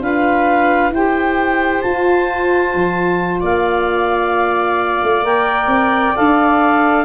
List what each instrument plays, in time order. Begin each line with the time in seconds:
0.00 tuba D4, saxophone F4, viola B4, clarinet F5
0.91 tuba E4, saxophone G4, viola C5, clarinet G5
1.82 tuba F4, saxophone F4, clarinet A5
2.74 tuba F3
3.41 tuba A#3, viola D5, clarinet F5
5.03 tuba A3
5.23 tuba A#3, saxophone A#4, clarinet G5
5.67 tuba C4
6.15 tuba D4, saxophone A4, clarinet F5